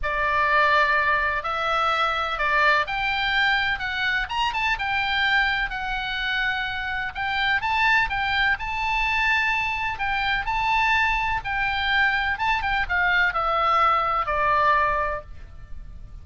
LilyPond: \new Staff \with { instrumentName = "oboe" } { \time 4/4 \tempo 4 = 126 d''2. e''4~ | e''4 d''4 g''2 | fis''4 ais''8 a''8 g''2 | fis''2. g''4 |
a''4 g''4 a''2~ | a''4 g''4 a''2 | g''2 a''8 g''8 f''4 | e''2 d''2 | }